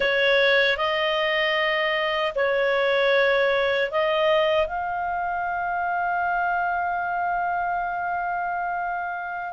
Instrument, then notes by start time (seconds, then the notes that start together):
clarinet
0.00 C#5
0.77 D#5
2.35 C#5
3.91 D#5
4.66 F5